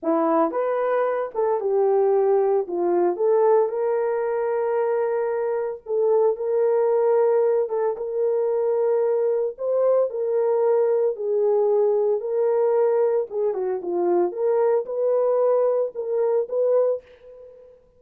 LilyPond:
\new Staff \with { instrumentName = "horn" } { \time 4/4 \tempo 4 = 113 e'4 b'4. a'8 g'4~ | g'4 f'4 a'4 ais'4~ | ais'2. a'4 | ais'2~ ais'8 a'8 ais'4~ |
ais'2 c''4 ais'4~ | ais'4 gis'2 ais'4~ | ais'4 gis'8 fis'8 f'4 ais'4 | b'2 ais'4 b'4 | }